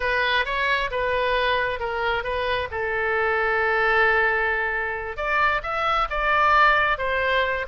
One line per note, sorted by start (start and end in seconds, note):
0.00 0.45 B4
0.45 0.90 C#5
0.90 1.79 B4
1.79 2.23 A#4
2.23 2.68 B4
2.71 5.16 A4
5.16 5.61 D5
5.62 6.08 E5
6.10 6.98 D5
6.98 7.65 C5